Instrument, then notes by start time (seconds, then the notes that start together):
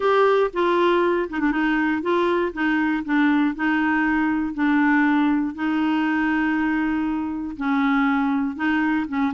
clarinet
0.00 G4
0.53 F4
1.29 D#4
1.40 D4
1.51 D#4
2.02 F4
2.53 D#4
3.04 D4
3.55 D#4
4.54 D4
5.55 D#4
7.56 C#4
8.56 D#4
9.08 C#4